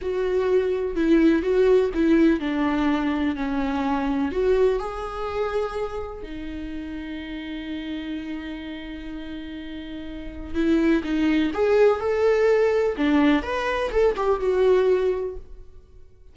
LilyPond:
\new Staff \with { instrumentName = "viola" } { \time 4/4 \tempo 4 = 125 fis'2 e'4 fis'4 | e'4 d'2 cis'4~ | cis'4 fis'4 gis'2~ | gis'4 dis'2.~ |
dis'1~ | dis'2 e'4 dis'4 | gis'4 a'2 d'4 | b'4 a'8 g'8 fis'2 | }